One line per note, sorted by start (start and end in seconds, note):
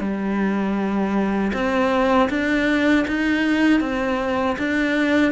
0.00 1.52 G3
1.53 2.29 C4
2.30 3.06 D4
3.08 3.80 D#4
3.80 4.56 C4
4.58 5.32 D4